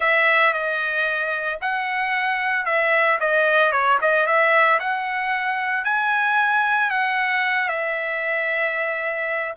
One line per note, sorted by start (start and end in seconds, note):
0.00 0.53 E5
0.53 1.59 D#5
1.61 2.65 F#5
2.65 3.18 E5
3.20 3.72 D#5
3.72 3.98 C#5
4.01 4.26 D#5
4.26 4.79 E5
4.79 5.84 F#5
5.84 6.90 G#5
6.90 7.68 F#5
7.68 9.54 E5